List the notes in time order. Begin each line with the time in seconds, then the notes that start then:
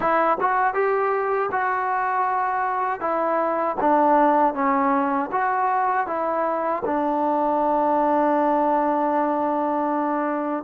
0.00 E4
0.40 F#4
0.74 G4
1.51 F#4
3.00 E4
3.80 D4
4.54 C#4
5.31 F#4
6.06 E4
6.85 D4